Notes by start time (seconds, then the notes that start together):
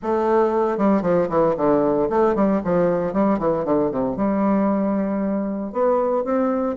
0.02 A3
0.77 G3
1.02 F3
1.29 E3
1.57 D3
2.09 A3
2.35 G3
2.64 F3
3.13 G3
3.39 E3
3.65 D3
3.91 C3
4.16 G3
5.72 B3
6.24 C4